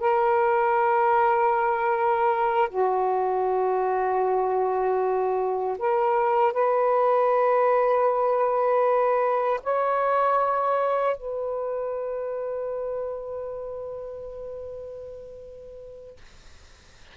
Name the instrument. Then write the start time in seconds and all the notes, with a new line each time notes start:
saxophone
0.00 A#4
2.70 F#4
5.78 A#4
6.53 B4
9.63 C#5
11.17 B4